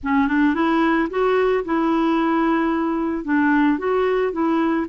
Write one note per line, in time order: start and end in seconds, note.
0.03 0.27 C#4
0.27 0.54 D4
0.54 1.08 E4
1.10 1.64 F#4
1.64 3.24 E4
3.24 3.78 D4
3.78 4.32 F#4
4.32 4.86 E4